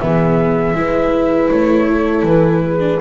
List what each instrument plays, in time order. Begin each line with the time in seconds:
0.00 double bass E3, viola B3, horn G#4, flute E5
0.75 double bass G#3, viola E4, horn B4
1.51 double bass A3, flute C#5
1.89 horn A4
2.23 double bass E3, flute B4
2.65 horn G#4
2.80 viola D4